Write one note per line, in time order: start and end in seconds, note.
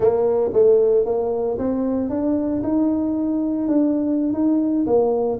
0.00 0.50 A#3
0.53 1.05 A3
1.05 1.57 A#3
1.58 2.09 C4
2.09 2.62 D4
2.63 3.68 D#4
3.68 4.33 D4
4.33 4.85 D#4
4.86 5.39 A#3